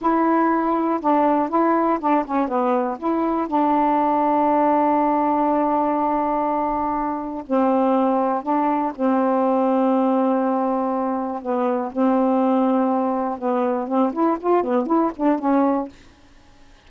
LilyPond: \new Staff \with { instrumentName = "saxophone" } { \time 4/4 \tempo 4 = 121 e'2 d'4 e'4 | d'8 cis'8 b4 e'4 d'4~ | d'1~ | d'2. c'4~ |
c'4 d'4 c'2~ | c'2. b4 | c'2. b4 | c'8 e'8 f'8 b8 e'8 d'8 cis'4 | }